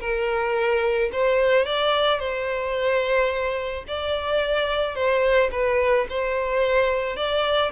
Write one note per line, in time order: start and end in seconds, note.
0.00 1.10 A#4
1.12 1.65 C5
1.65 2.19 D5
2.19 3.84 C5
3.87 4.95 D5
4.95 5.50 C5
5.51 6.07 B4
6.09 7.16 C5
7.16 7.71 D5